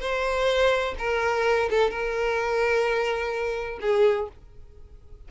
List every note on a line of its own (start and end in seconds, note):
0.00 0.94 C5
0.98 1.69 A#4
1.70 1.90 A4
1.90 3.79 A#4
3.81 4.28 G#4